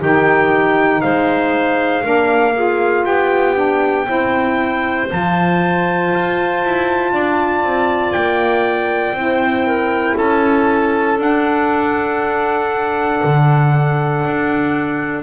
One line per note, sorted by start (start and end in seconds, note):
0.00 1.04 D#3
0.00 2.03 D#4
0.00 1.02 G4
0.00 1.02 G5
1.02 2.06 G#3
1.02 2.04 C5
1.02 3.05 F5
2.03 3.07 A#3
2.03 2.54 D4
2.03 2.54 A#4
2.55 3.55 F4
2.55 3.06 G#4
3.06 4.08 B3
3.06 4.07 G4
3.06 5.09 G5
3.55 4.06 D4
4.06 5.11 C4
4.06 5.08 E4
4.06 7.12 C5
5.09 6.14 F3
5.09 9.14 F4
5.09 8.13 A5
6.14 6.65 F4
6.65 7.13 E4
7.13 7.64 D4
7.13 9.17 D5
7.64 8.14 C4
8.13 9.13 A#3
8.13 10.16 G5
9.13 10.15 C4
9.13 11.18 E4
9.13 9.67 C5
9.67 10.16 A#4
10.16 11.19 C#4
10.16 15.24 A4
10.16 11.20 A5
11.18 15.24 D4
11.18 13.22 D4
11.18 15.24 F#5
13.24 14.26 D3
14.26 15.24 D4